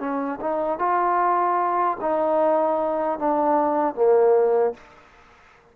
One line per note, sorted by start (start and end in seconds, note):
0.00 0.39 C#4
0.41 0.79 D#4
0.79 1.98 F4
2.01 3.19 D#4
3.19 3.95 D4
3.95 4.74 A#3